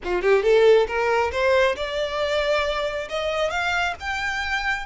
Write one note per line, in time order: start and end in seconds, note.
0.03 0.22 F4
0.22 0.42 G4
0.42 0.86 A4
0.87 1.31 A#4
1.31 1.75 C5
1.76 3.08 D5
3.09 3.50 D#5
3.50 3.94 F5
3.99 4.86 G5